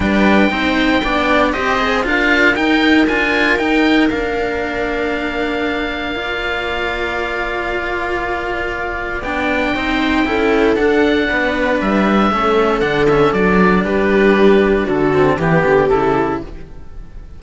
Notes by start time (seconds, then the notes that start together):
0.00 G3 D4 B4 G5
0.49 C4 D#4 C5
1.03 B3 D4 D5
1.52 C4 G4 C5 D#5
1.78 G#4
2.03 D4 F4 A#4 F5
2.55 D#4 G5
3.07 D4 F4 G#5
3.56 D#4 G5
4.10 A#3 D4 F5
6.15 F4 D5
9.21 B3 D4 G5
9.74 C4 D#4 C5
10.24 C#4 E4 A4
10.76 D4 F#5
11.29 B3 B4
11.81 G3 E5
12.30 A3 C#4 A4
12.80 D3 D4 F#5
13.07 C#4 E5
13.32 F#3 D4 D5
13.83 G3 G4 B4
14.84 D3 F#4 A4
15.12 C4
15.36 E3 B3 G4
15.65 D3
15.88 C#3 E4 A4